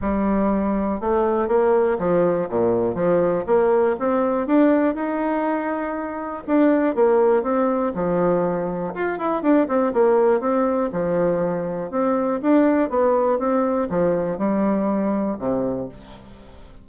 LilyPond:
\new Staff \with { instrumentName = "bassoon" } { \time 4/4 \tempo 4 = 121 g2 a4 ais4 | f4 ais,4 f4 ais4 | c'4 d'4 dis'2~ | dis'4 d'4 ais4 c'4 |
f2 f'8 e'8 d'8 c'8 | ais4 c'4 f2 | c'4 d'4 b4 c'4 | f4 g2 c4 | }